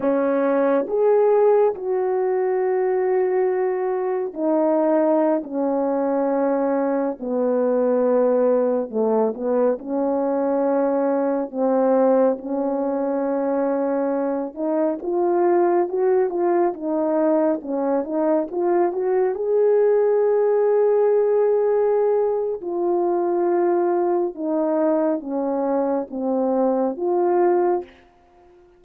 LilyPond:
\new Staff \with { instrumentName = "horn" } { \time 4/4 \tempo 4 = 69 cis'4 gis'4 fis'2~ | fis'4 dis'4~ dis'16 cis'4.~ cis'16~ | cis'16 b2 a8 b8 cis'8.~ | cis'4~ cis'16 c'4 cis'4.~ cis'16~ |
cis'8. dis'8 f'4 fis'8 f'8 dis'8.~ | dis'16 cis'8 dis'8 f'8 fis'8 gis'4.~ gis'16~ | gis'2 f'2 | dis'4 cis'4 c'4 f'4 | }